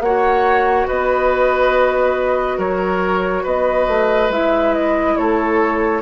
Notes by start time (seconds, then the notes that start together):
0.00 A#3 F#4 C#5 F#5
0.87 B3 B4 D#5
2.58 F#3 A#4 C#5
3.43 B3 B4 D#5
3.87 A3
4.29 G#3 E4 E5
4.74 D#5
5.17 A3 A4 C#5